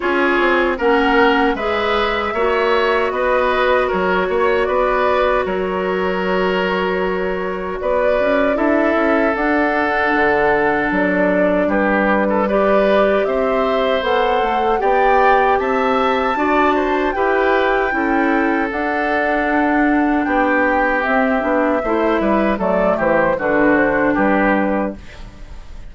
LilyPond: <<
  \new Staff \with { instrumentName = "flute" } { \time 4/4 \tempo 4 = 77 cis''4 fis''4 e''2 | dis''4 cis''4 d''4 cis''4~ | cis''2 d''4 e''4 | fis''2 d''4 b'4 |
d''4 e''4 fis''4 g''4 | a''2 g''2 | fis''2 g''4 e''4~ | e''4 d''8 c''8 b'8 c''8 b'4 | }
  \new Staff \with { instrumentName = "oboe" } { \time 4/4 gis'4 ais'4 b'4 cis''4 | b'4 ais'8 cis''8 b'4 ais'4~ | ais'2 b'4 a'4~ | a'2. g'8. a'16 |
b'4 c''2 d''4 | e''4 d''8 c''8 b'4 a'4~ | a'2 g'2 | c''8 b'8 a'8 g'8 fis'4 g'4 | }
  \new Staff \with { instrumentName = "clarinet" } { \time 4/4 f'4 cis'4 gis'4 fis'4~ | fis'1~ | fis'2. e'4 | d'1 |
g'2 a'4 g'4~ | g'4 fis'4 g'4 e'4 | d'2. c'8 d'8 | e'4 a4 d'2 | }
  \new Staff \with { instrumentName = "bassoon" } { \time 4/4 cis'8 c'8 ais4 gis4 ais4 | b4 fis8 ais8 b4 fis4~ | fis2 b8 cis'8 d'8 cis'8 | d'4 d4 fis4 g4~ |
g4 c'4 b8 a8 b4 | c'4 d'4 e'4 cis'4 | d'2 b4 c'8 b8 | a8 g8 fis8 e8 d4 g4 | }
>>